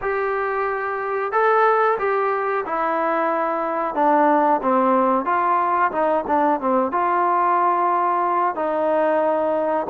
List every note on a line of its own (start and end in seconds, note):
0.01 1.32 G4
1.32 1.98 A4
1.98 2.64 G4
2.65 3.94 E4
3.94 4.60 D4
4.62 5.25 C4
5.25 5.91 F4
5.91 6.24 D#4
6.27 6.60 D4
6.60 6.91 C4
6.91 8.55 F4
8.55 9.87 D#4